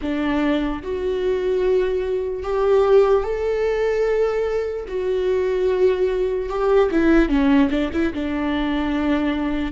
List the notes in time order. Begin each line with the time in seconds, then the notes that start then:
0.01 D4
0.82 F#4
2.43 G4
3.23 A4
4.88 F#4
6.49 G4
6.91 E4
7.29 C#4
7.70 D4
7.92 E4
8.13 D4